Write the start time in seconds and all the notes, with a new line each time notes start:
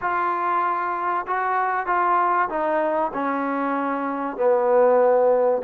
0.01 F4
1.27 F#4
1.86 F4
2.49 D#4
3.13 C#4
4.37 B3